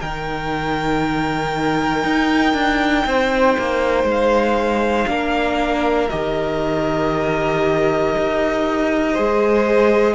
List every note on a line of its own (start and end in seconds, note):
0.00 2.04 D#3
0.00 5.07 D#4
0.00 3.06 A#4
0.00 4.07 G5
2.04 2.54 D#4
2.54 3.04 D4
3.06 3.56 C4
3.06 5.09 C5
3.58 4.04 A#3
4.04 5.05 G#3
4.11 6.09 F5
5.07 6.09 A#3
5.07 6.08 D4
5.07 9.12 A#4
6.09 8.15 D#3
6.09 9.14 G4
6.09 10.15 D#5
8.17 9.18 D#4
9.12 10.15 G#4
9.12 10.14 C5
9.18 10.15 G#3